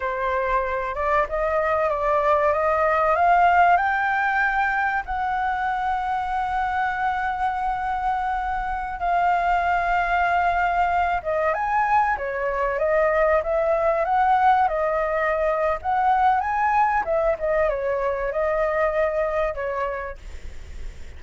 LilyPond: \new Staff \with { instrumentName = "flute" } { \time 4/4 \tempo 4 = 95 c''4. d''8 dis''4 d''4 | dis''4 f''4 g''2 | fis''1~ | fis''2~ fis''16 f''4.~ f''16~ |
f''4.~ f''16 dis''8 gis''4 cis''8.~ | cis''16 dis''4 e''4 fis''4 dis''8.~ | dis''4 fis''4 gis''4 e''8 dis''8 | cis''4 dis''2 cis''4 | }